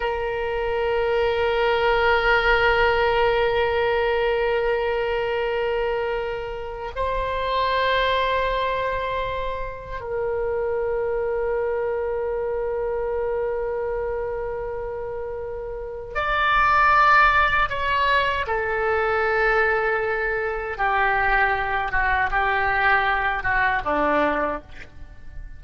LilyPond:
\new Staff \with { instrumentName = "oboe" } { \time 4/4 \tempo 4 = 78 ais'1~ | ais'1~ | ais'4 c''2.~ | c''4 ais'2.~ |
ais'1~ | ais'4 d''2 cis''4 | a'2. g'4~ | g'8 fis'8 g'4. fis'8 d'4 | }